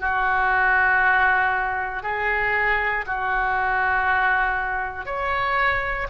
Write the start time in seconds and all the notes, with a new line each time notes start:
0.00 F#4
2.03 G#4
3.06 F#4
5.06 C#5